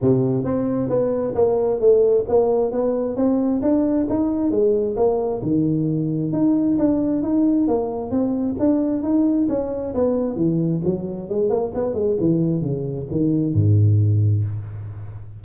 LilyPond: \new Staff \with { instrumentName = "tuba" } { \time 4/4 \tempo 4 = 133 c4 c'4 b4 ais4 | a4 ais4 b4 c'4 | d'4 dis'4 gis4 ais4 | dis2 dis'4 d'4 |
dis'4 ais4 c'4 d'4 | dis'4 cis'4 b4 e4 | fis4 gis8 ais8 b8 gis8 e4 | cis4 dis4 gis,2 | }